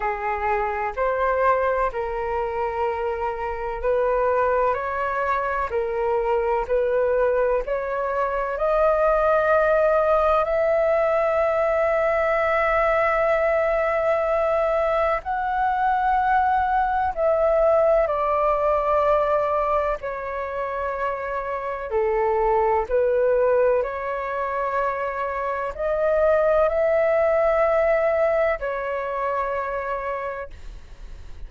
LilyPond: \new Staff \with { instrumentName = "flute" } { \time 4/4 \tempo 4 = 63 gis'4 c''4 ais'2 | b'4 cis''4 ais'4 b'4 | cis''4 dis''2 e''4~ | e''1 |
fis''2 e''4 d''4~ | d''4 cis''2 a'4 | b'4 cis''2 dis''4 | e''2 cis''2 | }